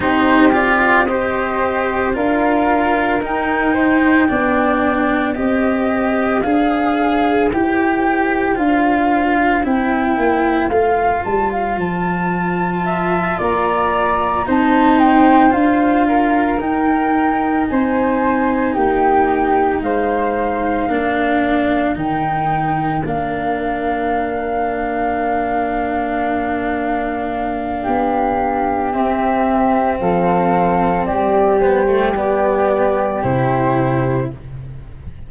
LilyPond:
<<
  \new Staff \with { instrumentName = "flute" } { \time 4/4 \tempo 4 = 56 c''8 d''8 dis''4 f''4 g''4~ | g''4 dis''4 f''4 g''4 | f''4 g''4 f''8 a''16 f''16 a''4~ | a''8 ais''4 a''8 g''8 f''4 g''8~ |
g''8 gis''4 g''4 f''4.~ | f''8 g''4 f''2~ f''8~ | f''2. e''4 | f''4 d''8 c''8 d''4 c''4 | }
  \new Staff \with { instrumentName = "flute" } { \time 4/4 g'4 c''4 ais'4. c''8 | d''4 c''2.~ | c''1 | e''8 d''4 c''4. ais'4~ |
ais'8 c''4 g'4 c''4 ais'8~ | ais'1~ | ais'2 g'2 | a'4 g'2. | }
  \new Staff \with { instrumentName = "cello" } { \time 4/4 dis'8 f'8 g'4 f'4 dis'4 | d'4 g'4 gis'4 g'4 | f'4 e'4 f'2~ | f'4. dis'4 f'4 dis'8~ |
dis'2.~ dis'8 d'8~ | d'8 dis'4 d'2~ d'8~ | d'2. c'4~ | c'4. b16 a16 b4 e'4 | }
  \new Staff \with { instrumentName = "tuba" } { \time 4/4 c'2 d'4 dis'4 | b4 c'4 d'4 e'4 | d'4 c'8 ais8 a8 g8 f4~ | f8 ais4 c'4 d'4 dis'8~ |
dis'8 c'4 ais4 gis4 ais8~ | ais8 dis4 ais2~ ais8~ | ais2 b4 c'4 | f4 g2 c4 | }
>>